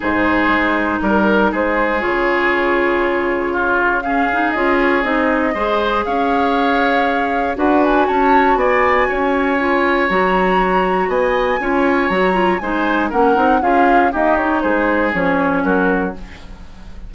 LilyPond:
<<
  \new Staff \with { instrumentName = "flute" } { \time 4/4 \tempo 4 = 119 c''2 ais'4 c''4 | cis''1 | f''4 dis''8 cis''8 dis''2 | f''2. fis''8 gis''8 |
a''4 gis''2. | ais''2 gis''2 | ais''4 gis''4 fis''4 f''4 | dis''8 cis''8 c''4 cis''4 ais'4 | }
  \new Staff \with { instrumentName = "oboe" } { \time 4/4 gis'2 ais'4 gis'4~ | gis'2. f'4 | gis'2. c''4 | cis''2. b'4 |
cis''4 d''4 cis''2~ | cis''2 dis''4 cis''4~ | cis''4 c''4 ais'4 gis'4 | g'4 gis'2 fis'4 | }
  \new Staff \with { instrumentName = "clarinet" } { \time 4/4 dis'1 | f'1 | cis'8 dis'8 f'4 dis'4 gis'4~ | gis'2. fis'4~ |
fis'2. f'4 | fis'2. f'4 | fis'8 f'8 dis'4 cis'8 dis'8 f'4 | ais8 dis'4. cis'2 | }
  \new Staff \with { instrumentName = "bassoon" } { \time 4/4 gis,4 gis4 g4 gis4 | cis1~ | cis4 cis'4 c'4 gis4 | cis'2. d'4 |
cis'4 b4 cis'2 | fis2 b4 cis'4 | fis4 gis4 ais8 c'8 cis'4 | dis'4 gis4 f4 fis4 | }
>>